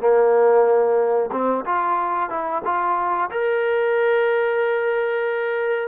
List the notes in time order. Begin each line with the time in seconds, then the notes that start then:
0.00 A#3
1.32 C4
1.66 F4
2.30 E4
2.65 F4
3.31 A#4